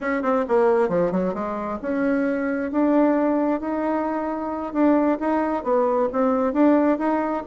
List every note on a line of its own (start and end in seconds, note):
0.00 0.22 C#4
0.22 0.45 C4
0.48 0.89 A#3
0.89 1.11 F3
1.11 1.33 F#3
1.33 1.79 G#3
1.81 2.71 C#4
2.71 3.60 D4
3.60 4.73 D#4
4.73 5.18 D4
5.19 5.63 D#4
5.63 6.08 B3
6.12 6.53 C4
6.53 6.98 D4
6.98 7.43 D#4